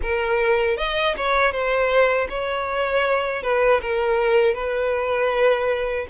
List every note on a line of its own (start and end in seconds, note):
0.02 0.77 A#4
0.77 1.15 D#5
1.16 1.52 C#5
1.52 2.28 C5
2.29 3.42 C#5
3.42 3.80 B4
3.81 4.54 A#4
4.54 6.06 B4